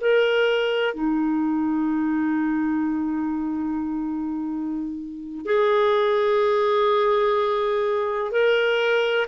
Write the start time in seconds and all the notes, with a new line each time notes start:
0.00 A#4
0.94 D#4
5.45 G#4
8.31 A#4